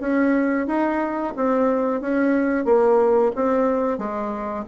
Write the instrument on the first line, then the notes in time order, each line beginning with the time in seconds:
bassoon
0.00 C#4
0.67 D#4
1.36 C4
2.01 C#4
2.65 A#3
3.35 C4
3.98 G#3